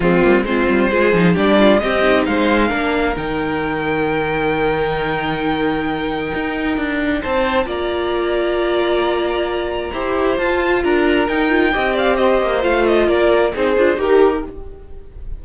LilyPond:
<<
  \new Staff \with { instrumentName = "violin" } { \time 4/4 \tempo 4 = 133 f'4 c''2 d''4 | dis''4 f''2 g''4~ | g''1~ | g''1 |
a''4 ais''2.~ | ais''2. a''4 | ais''4 g''4. f''8 dis''4 | f''8 dis''8 d''4 c''4 ais'4 | }
  \new Staff \with { instrumentName = "violin" } { \time 4/4 c'4 f'4 gis'4 g'8 f'8 | g'4 c''4 ais'2~ | ais'1~ | ais'1 |
c''4 d''2.~ | d''2 c''2 | ais'2 dis''8 d''8 c''4~ | c''4 ais'4 gis'4 g'4 | }
  \new Staff \with { instrumentName = "viola" } { \time 4/4 gis8 ais8 c'4 f'8 dis'8 d'4 | c'8 dis'4. d'4 dis'4~ | dis'1~ | dis'1~ |
dis'4 f'2.~ | f'2 g'4 f'4~ | f'4 dis'8 f'8 g'2 | f'2 dis'8 f'8 g'4 | }
  \new Staff \with { instrumentName = "cello" } { \time 4/4 f8 g8 gis8 g8 gis8 f8 g4 | c'4 gis4 ais4 dis4~ | dis1~ | dis2 dis'4 d'4 |
c'4 ais2.~ | ais2 e'4 f'4 | d'4 dis'4 c'4. ais8 | a4 ais4 c'8 d'8 dis'4 | }
>>